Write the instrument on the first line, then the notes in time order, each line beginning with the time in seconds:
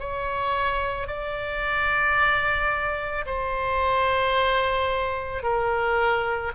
oboe
0.00 C#5
1.08 D5
3.26 C5
5.43 A#4